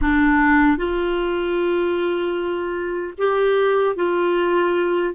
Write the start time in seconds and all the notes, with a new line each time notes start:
0.01 D4
0.77 F4
3.18 G4
3.95 F4